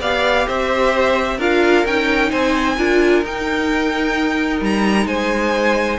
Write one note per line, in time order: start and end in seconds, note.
0.00 0.46 B3
0.00 1.40 G4
0.00 0.46 D5
0.00 0.47 F5
0.47 1.38 C4
0.47 1.37 C5
0.47 1.40 E5
1.37 1.84 D4
1.37 1.86 F4
1.37 2.30 A#4
1.37 1.86 F5
1.85 2.31 C#4
1.85 2.77 D#4
1.85 2.31 G5
2.30 2.77 C4
2.30 2.76 C5
2.30 3.23 G#5
2.77 3.22 D4
2.77 3.24 F4
2.77 5.07 A#4
3.22 4.61 D#4
3.22 5.99 D#4
3.22 4.63 G5
4.61 5.05 G3
4.61 5.07 A#5
5.05 5.98 G#3
5.05 5.99 C5
5.05 5.99 G#5